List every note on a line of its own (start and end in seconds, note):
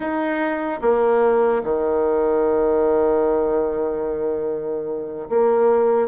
0.00 0.80 D#4
0.81 1.62 A#3
1.63 5.28 D#3
5.29 6.07 A#3